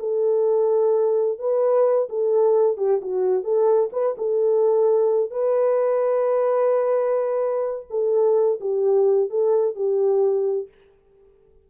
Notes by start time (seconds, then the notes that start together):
0.00 A4
1.39 B4
2.10 A4
2.77 G4
3.02 F#4
3.44 A4
3.93 B4
4.18 A4
5.31 B4
7.90 A4
8.60 G4
9.30 A4
9.75 G4